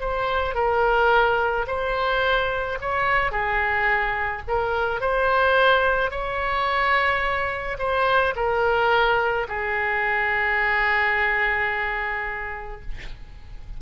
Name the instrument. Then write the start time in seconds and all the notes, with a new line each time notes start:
oboe
0.00 C5
0.55 A#4
1.67 C5
2.81 C#5
3.31 G#4
4.48 A#4
5.01 C5
6.11 C#5
7.79 C5
8.36 A#4
9.48 G#4